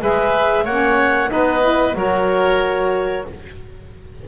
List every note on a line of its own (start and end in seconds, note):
0.00 0.65 G#3
0.00 0.65 G#4
0.00 0.65 B4
0.00 0.65 E5
0.65 1.30 A#3
0.65 1.29 C#4
0.65 1.30 C#5
0.65 1.30 F#5
1.29 1.94 B3
1.29 1.61 D#4
1.29 1.97 B4
1.29 1.96 D#5
1.61 1.94 E4
1.94 3.25 F#3
1.94 3.26 F#4
1.94 3.28 A#4
1.94 3.27 C#5